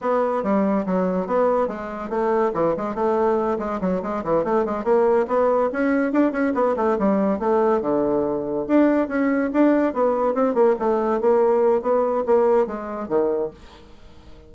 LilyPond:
\new Staff \with { instrumentName = "bassoon" } { \time 4/4 \tempo 4 = 142 b4 g4 fis4 b4 | gis4 a4 e8 gis8 a4~ | a8 gis8 fis8 gis8 e8 a8 gis8 ais8~ | ais8 b4 cis'4 d'8 cis'8 b8 |
a8 g4 a4 d4.~ | d8 d'4 cis'4 d'4 b8~ | b8 c'8 ais8 a4 ais4. | b4 ais4 gis4 dis4 | }